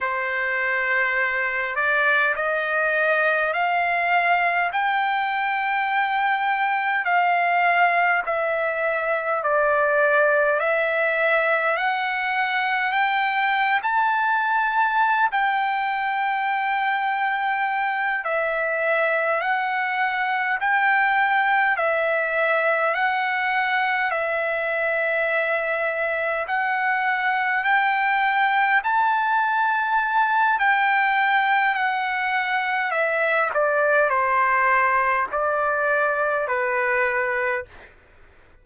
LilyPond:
\new Staff \with { instrumentName = "trumpet" } { \time 4/4 \tempo 4 = 51 c''4. d''8 dis''4 f''4 | g''2 f''4 e''4 | d''4 e''4 fis''4 g''8. a''16~ | a''4 g''2~ g''8 e''8~ |
e''8 fis''4 g''4 e''4 fis''8~ | fis''8 e''2 fis''4 g''8~ | g''8 a''4. g''4 fis''4 | e''8 d''8 c''4 d''4 b'4 | }